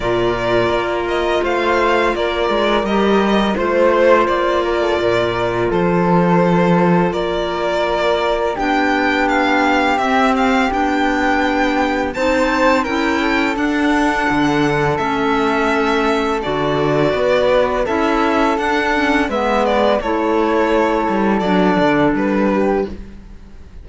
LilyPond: <<
  \new Staff \with { instrumentName = "violin" } { \time 4/4 \tempo 4 = 84 d''4. dis''8 f''4 d''4 | dis''4 c''4 d''2 | c''2 d''2 | g''4 f''4 e''8 f''8 g''4~ |
g''4 a''4 g''4 fis''4~ | fis''4 e''2 d''4~ | d''4 e''4 fis''4 e''8 d''8 | cis''2 d''4 b'4 | }
  \new Staff \with { instrumentName = "flute" } { \time 4/4 ais'2 c''4 ais'4~ | ais'4 c''4. ais'16 a'16 ais'4 | a'2 ais'2 | g'1~ |
g'4 c''4 ais'8 a'4.~ | a'1 | b'4 a'2 b'4 | a'2.~ a'8 g'8 | }
  \new Staff \with { instrumentName = "clarinet" } { \time 4/4 f'1 | g'4 f'2.~ | f'1 | d'2 c'4 d'4~ |
d'4 dis'4 e'4 d'4~ | d'4 cis'2 fis'4~ | fis'4 e'4 d'8 cis'8 b4 | e'2 d'2 | }
  \new Staff \with { instrumentName = "cello" } { \time 4/4 ais,4 ais4 a4 ais8 gis8 | g4 a4 ais4 ais,4 | f2 ais2 | b2 c'4 b4~ |
b4 c'4 cis'4 d'4 | d4 a2 d4 | b4 cis'4 d'4 gis4 | a4. g8 fis8 d8 g4 | }
>>